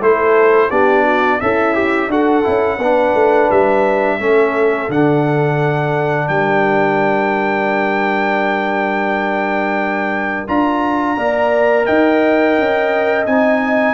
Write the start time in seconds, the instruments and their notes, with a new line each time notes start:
0.00 tuba A3, trombone E4, horn A4, trumpet C5
0.70 tuba B3, trombone D4, horn G4, trumpet D5
1.04 horn F#4
1.41 tuba C#4, horn E4, trombone A4, trumpet E5
1.74 trombone G4
2.08 tuba D4, trombone F#4, horn A4, trumpet F#5
2.43 tuba C#4, trombone E4
2.77 tuba B3, trombone D4, horn B4
3.14 tuba A3
3.51 tuba G3, trumpet E5
4.18 tuba A3, trombone C#4, horn A4
4.89 tuba D3, trombone D4, trumpet F#5
6.27 tuba G3, horn A#4, trumpet G5
10.48 tuba D4, trombone F4, trumpet A#5
11.17 tuba A#3, trombone A#4, horn D5
11.86 tuba D#4, horn D#5, trumpet G5
12.58 tuba C#4
13.26 tuba C4, trombone D#4, trumpet G#5